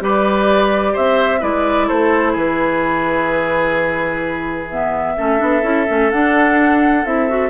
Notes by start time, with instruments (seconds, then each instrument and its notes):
0.00 bassoon G3, clarinet G4, oboe B4, flute D5
0.93 bassoon C4, oboe C5, flute E5
1.40 bassoon G#3, clarinet E4, oboe B4, flute D5
1.87 bassoon A3, oboe A4, flute C5
2.32 bassoon E3, oboe G#4, flute B4
4.71 clarinet B3, flute E5
5.17 bassoon A3, clarinet C#4, oboe A4
5.38 bassoon B3, clarinet D4
5.62 bassoon C#4, clarinet E4
5.87 bassoon A3, clarinet C#4
6.11 bassoon D4, clarinet D4, flute F#5
7.05 bassoon C4, clarinet E4, flute E5
7.29 clarinet F#4